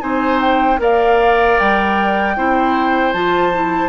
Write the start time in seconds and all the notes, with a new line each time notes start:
0.00 C4 D#4 C5 G#5
0.41 G5
0.78 A#3 A#4 D5 F5
1.59 G3 G5
2.37 C4 E4 C5
3.12 F3 F4 A5
3.53 E4